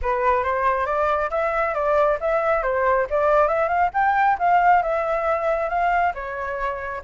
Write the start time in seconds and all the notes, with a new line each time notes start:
0.02 B4
0.43 C5
0.86 D5
1.30 E5
1.74 D5
2.20 E5
2.63 C5
3.10 D5
3.48 E5
3.68 F5
3.93 G5
4.38 F5
4.82 E5
5.69 F5
6.14 C#5